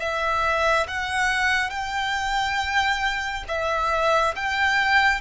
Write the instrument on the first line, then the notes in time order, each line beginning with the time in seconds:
violin
0.00 E5
0.88 F#5
1.70 G5
3.48 E5
4.36 G5